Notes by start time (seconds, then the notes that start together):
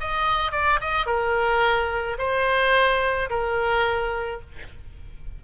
0.00 D#5
0.52 D5
0.81 D#5
1.06 A#4
2.18 C5
3.30 A#4